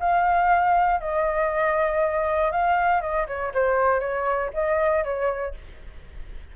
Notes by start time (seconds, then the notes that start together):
0.00 F5
1.00 D#5
2.51 F5
3.01 D#5
3.27 C#5
3.54 C5
4.00 C#5
4.54 D#5
5.04 C#5